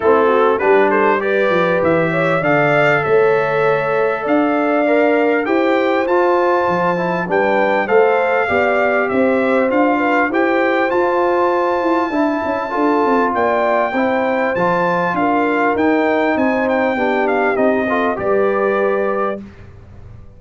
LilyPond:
<<
  \new Staff \with { instrumentName = "trumpet" } { \time 4/4 \tempo 4 = 99 a'4 b'8 c''8 d''4 e''4 | f''4 e''2 f''4~ | f''4 g''4 a''2 | g''4 f''2 e''4 |
f''4 g''4 a''2~ | a''2 g''2 | a''4 f''4 g''4 gis''8 g''8~ | g''8 f''8 dis''4 d''2 | }
  \new Staff \with { instrumentName = "horn" } { \time 4/4 e'8 fis'8 g'8 a'8 b'4. cis''8 | d''4 cis''2 d''4~ | d''4 c''2. | b'4 c''4 d''4 c''4~ |
c''8 b'8 c''2. | e''4 a'4 d''4 c''4~ | c''4 ais'2 c''4 | g'4. a'8 b'2 | }
  \new Staff \with { instrumentName = "trombone" } { \time 4/4 c'4 d'4 g'2 | a'1 | ais'4 g'4 f'4. e'8 | d'4 a'4 g'2 |
f'4 g'4 f'2 | e'4 f'2 e'4 | f'2 dis'2 | d'4 dis'8 f'8 g'2 | }
  \new Staff \with { instrumentName = "tuba" } { \time 4/4 a4 g4. f8 e4 | d4 a2 d'4~ | d'4 e'4 f'4 f4 | g4 a4 b4 c'4 |
d'4 e'4 f'4. e'8 | d'8 cis'8 d'8 c'8 ais4 c'4 | f4 d'4 dis'4 c'4 | b4 c'4 g2 | }
>>